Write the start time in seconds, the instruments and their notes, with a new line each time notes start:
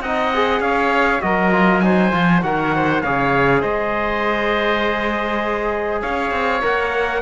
0.00 cello C4, trombone D#4, oboe D#5, trumpet F#5
0.34 trombone G#4
0.59 cello C#4, oboe C#5, trumpet F5
1.20 cello F#3, trombone F#4, oboe A#4, trumpet D#5
1.52 trombone F4
1.80 trombone D#4, oboe C5, trumpet G#5
2.11 cello F3, trombone F4
2.42 cello D#3, trombone F#4, oboe A#4, trumpet F#5
2.75 oboe C5
3.02 cello C#3, trombone G#4, oboe C#5, trumpet F5
3.60 cello G#3, oboe C5, trumpet D#5
6.01 cello C#4, oboe C#5, trumpet F5
6.31 cello C4
6.61 cello A#3, trombone A#4, trumpet F#5